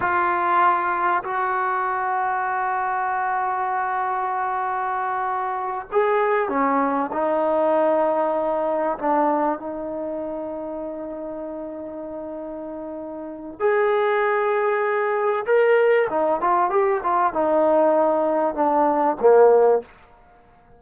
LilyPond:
\new Staff \with { instrumentName = "trombone" } { \time 4/4 \tempo 4 = 97 f'2 fis'2~ | fis'1~ | fis'4. gis'4 cis'4 dis'8~ | dis'2~ dis'8 d'4 dis'8~ |
dis'1~ | dis'2 gis'2~ | gis'4 ais'4 dis'8 f'8 g'8 f'8 | dis'2 d'4 ais4 | }